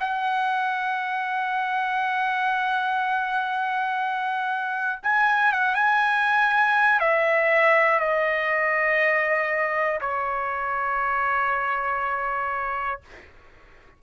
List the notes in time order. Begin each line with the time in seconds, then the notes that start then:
0.00 F#5
5.02 G#5
5.52 F#5
5.75 G#5
7.00 E5
8.00 D#5
10.00 C#5